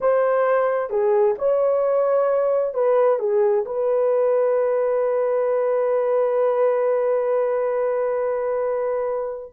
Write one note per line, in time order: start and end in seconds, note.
0.00 0.89 C5
0.89 1.35 G#4
1.38 2.74 C#5
2.74 3.19 B4
3.19 3.64 G#4
3.65 9.52 B4